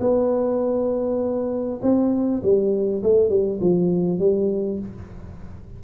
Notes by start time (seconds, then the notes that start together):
0.00 B3
1.82 C4
2.42 G3
3.03 A3
3.29 G3
3.60 F3
4.19 G3